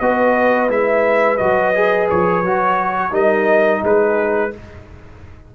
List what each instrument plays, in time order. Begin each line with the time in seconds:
0.00 tuba B3, trombone F#4, horn B4, trumpet D#5
0.69 tuba G#3, trombone E4, trumpet E5
1.37 tuba F#3, trombone F#4, trumpet D#5
1.75 trombone G#4
2.10 tuba F3, trumpet C#5
2.43 tuba F#3, trombone F#4
3.11 tuba G3, trombone D#4, horn A#4, trumpet D#5
3.83 tuba G#3, horn G#4, trumpet B4